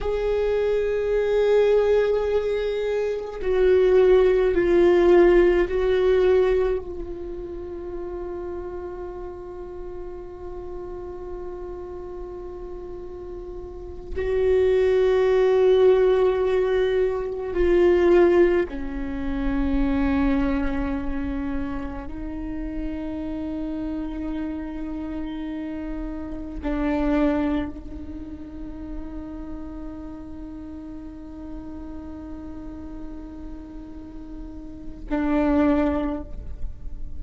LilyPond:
\new Staff \with { instrumentName = "viola" } { \time 4/4 \tempo 4 = 53 gis'2. fis'4 | f'4 fis'4 f'2~ | f'1~ | f'8 fis'2. f'8~ |
f'8 cis'2. dis'8~ | dis'2.~ dis'8 d'8~ | d'8 dis'2.~ dis'8~ | dis'2. d'4 | }